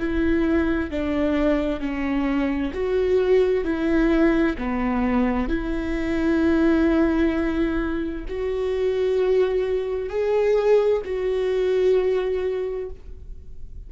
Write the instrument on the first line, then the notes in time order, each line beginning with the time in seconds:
viola
0.00 E4
0.91 D4
1.80 C#4
2.74 F#4
3.65 E4
4.59 B3
5.49 E4
8.29 F#4
10.10 G#4
11.06 F#4